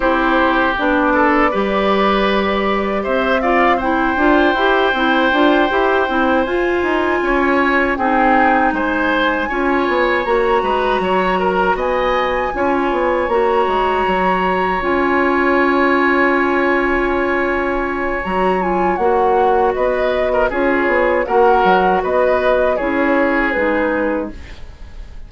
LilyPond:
<<
  \new Staff \with { instrumentName = "flute" } { \time 4/4 \tempo 4 = 79 c''4 d''2. | e''8 f''8 g''2.~ | g''8 gis''2 g''4 gis''8~ | gis''4. ais''2 gis''8~ |
gis''4. ais''2 gis''8~ | gis''1 | ais''8 gis''8 fis''4 dis''4 cis''4 | fis''4 dis''4 cis''4 b'4 | }
  \new Staff \with { instrumentName = "oboe" } { \time 4/4 g'4. a'8 b'2 | c''8 d''8 c''2.~ | c''4. cis''4 gis'4 c''8~ | c''8 cis''4. b'8 cis''8 ais'8 dis''8~ |
dis''8 cis''2.~ cis''8~ | cis''1~ | cis''2 b'8. ais'16 gis'4 | ais'4 b'4 gis'2 | }
  \new Staff \with { instrumentName = "clarinet" } { \time 4/4 e'4 d'4 g'2~ | g'8 f'8 e'8 f'8 g'8 e'8 f'8 g'8 | e'8 f'2 dis'4.~ | dis'8 f'4 fis'2~ fis'8~ |
fis'8 f'4 fis'2 f'8~ | f'1 | fis'8 f'8 fis'2 f'4 | fis'2 e'4 dis'4 | }
  \new Staff \with { instrumentName = "bassoon" } { \time 4/4 c'4 b4 g2 | c'4. d'8 e'8 c'8 d'8 e'8 | c'8 f'8 dis'8 cis'4 c'4 gis8~ | gis8 cis'8 b8 ais8 gis8 fis4 b8~ |
b8 cis'8 b8 ais8 gis8 fis4 cis'8~ | cis'1 | fis4 ais4 b4 cis'8 b8 | ais8 fis8 b4 cis'4 gis4 | }
>>